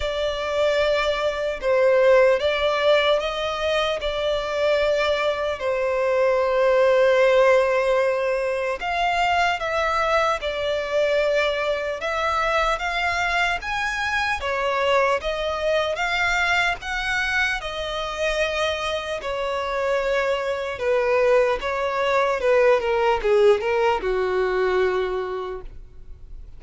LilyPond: \new Staff \with { instrumentName = "violin" } { \time 4/4 \tempo 4 = 75 d''2 c''4 d''4 | dis''4 d''2 c''4~ | c''2. f''4 | e''4 d''2 e''4 |
f''4 gis''4 cis''4 dis''4 | f''4 fis''4 dis''2 | cis''2 b'4 cis''4 | b'8 ais'8 gis'8 ais'8 fis'2 | }